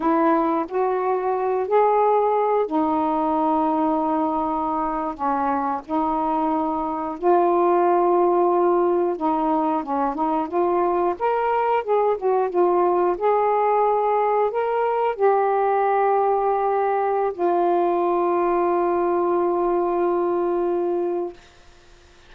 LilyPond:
\new Staff \with { instrumentName = "saxophone" } { \time 4/4 \tempo 4 = 90 e'4 fis'4. gis'4. | dis'2.~ dis'8. cis'16~ | cis'8. dis'2 f'4~ f'16~ | f'4.~ f'16 dis'4 cis'8 dis'8 f'16~ |
f'8. ais'4 gis'8 fis'8 f'4 gis'16~ | gis'4.~ gis'16 ais'4 g'4~ g'16~ | g'2 f'2~ | f'1 | }